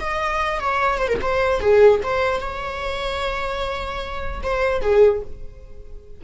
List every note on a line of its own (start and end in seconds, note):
0.00 0.60 D#5
0.60 0.98 C#5
0.98 1.08 C5
1.08 1.18 A#4
1.22 1.61 C5
1.61 2.01 G#4
2.03 2.40 C5
2.40 4.41 C#5
4.43 4.81 C5
4.81 5.21 G#4